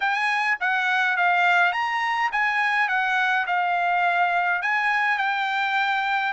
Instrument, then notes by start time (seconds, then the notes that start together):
trumpet
0.00 G#5
0.60 F#5
1.16 F5
1.72 A#5
2.32 G#5
2.88 F#5
3.46 F5
4.62 G#5
5.18 G5